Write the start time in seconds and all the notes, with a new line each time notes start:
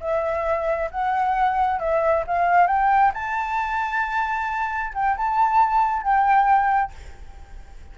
0.00 E5
0.91 F#5
1.79 E5
2.27 F5
2.67 G5
3.13 A5
4.94 G5
5.17 A5
6.02 G5